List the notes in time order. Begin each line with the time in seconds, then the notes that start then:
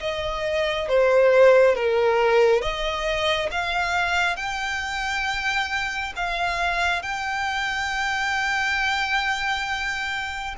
0.00 D#5
0.88 C5
1.75 A#4
2.61 D#5
3.51 F5
4.36 G5
6.16 F5
7.02 G5